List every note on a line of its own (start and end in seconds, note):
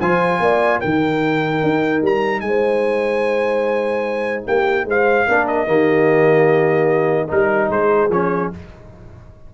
0.00 0.40 F3
0.00 0.83 F4
0.00 0.41 C5
0.00 0.81 G#5
0.40 0.80 A#3
0.40 0.80 D5
0.80 1.63 D#3
0.80 5.29 D#4
0.80 2.42 A#4
0.80 2.02 G5
1.63 2.02 D#4
2.02 2.42 G3
2.02 2.41 A#5
2.41 4.44 G#3
2.41 4.43 G#5
2.48 4.45 C5
4.45 4.85 A#3
4.45 4.86 G4
4.45 4.88 G5
4.85 5.26 G#3
4.85 5.27 C5
4.85 5.47 F5
5.27 5.67 A#3
5.27 5.67 D4
5.27 5.67 A#4
5.47 7.30 D#5
5.67 7.30 D#3
5.67 7.28 A#3
5.67 7.27 G4
7.27 7.70 G3
7.27 8.09 D#4
7.27 7.68 A#4
7.27 7.71 A#4
7.70 8.09 G#3
7.70 8.54 G#4
7.70 8.11 C5
8.09 8.50 F3
8.09 8.53 C#4
8.09 8.52 C#5